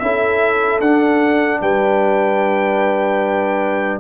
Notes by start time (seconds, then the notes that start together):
0.00 C#4 E4 A4 E5
0.81 D4 F#5
1.61 G3 B4 G5